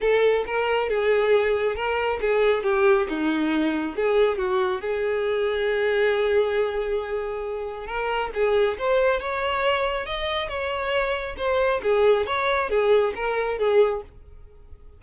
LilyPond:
\new Staff \with { instrumentName = "violin" } { \time 4/4 \tempo 4 = 137 a'4 ais'4 gis'2 | ais'4 gis'4 g'4 dis'4~ | dis'4 gis'4 fis'4 gis'4~ | gis'1~ |
gis'2 ais'4 gis'4 | c''4 cis''2 dis''4 | cis''2 c''4 gis'4 | cis''4 gis'4 ais'4 gis'4 | }